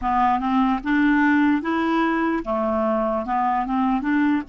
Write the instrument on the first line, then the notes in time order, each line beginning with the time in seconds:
clarinet
0.01 B3
0.39 C4
0.83 D4
1.62 E4
2.44 A3
3.25 B3
3.66 C4
4.01 D4